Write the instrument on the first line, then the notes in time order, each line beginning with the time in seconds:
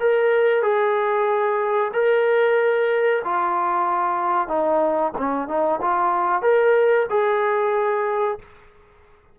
trombone
0.00 A#4
0.63 G#4
1.94 A#4
3.24 F4
4.48 D#4
5.18 C#4
5.48 D#4
5.82 F4
6.42 A#4
7.10 G#4